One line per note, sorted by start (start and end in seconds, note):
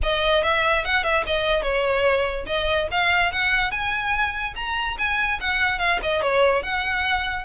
0.02 0.43 D#5
0.43 0.84 E5
0.85 1.03 F#5
1.03 1.24 E5
1.26 1.62 D#5
1.62 2.45 C#5
2.46 2.87 D#5
2.91 3.31 F5
3.31 3.71 F#5
3.71 4.53 G#5
4.55 4.97 A#5
4.98 5.39 G#5
5.40 5.78 F#5
5.78 5.99 F5
6.02 6.21 D#5
6.21 6.62 C#5
6.62 7.44 F#5